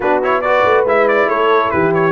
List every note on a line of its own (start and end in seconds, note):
0.00 0.64 B3
0.00 0.22 D4
0.00 0.43 F#4
0.00 0.22 B4
0.22 0.43 E4
0.22 0.41 C#5
0.41 0.86 F#4
0.41 1.30 B4
0.41 0.84 D5
0.64 0.84 A3
0.84 1.27 G#3
0.84 2.11 E4
0.84 1.08 E5
1.08 1.29 D5
1.27 1.70 A3
1.27 1.72 A4
1.27 1.70 C#5
1.70 2.11 E3
1.70 2.11 G4
1.70 1.92 B4
1.94 2.11 C#5